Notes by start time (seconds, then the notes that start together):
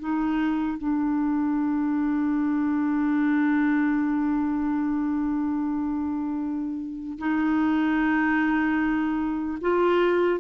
0.00 D#4
0.79 D4
7.19 D#4
9.61 F4